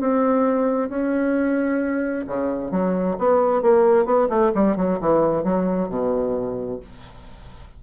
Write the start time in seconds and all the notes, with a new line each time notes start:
0.00 C4
0.89 C#4
2.27 C#3
2.71 F#3
3.18 B3
3.62 A#3
4.05 B3
4.29 A3
4.55 G3
4.76 F#3
5.00 E3
5.44 F#3
5.89 B2